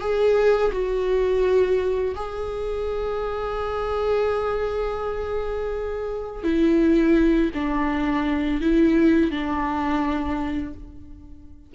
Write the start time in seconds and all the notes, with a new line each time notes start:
0.00 G#4
0.72 F#4
2.15 G#4
6.44 E4
7.54 D4
8.61 E4
9.31 D4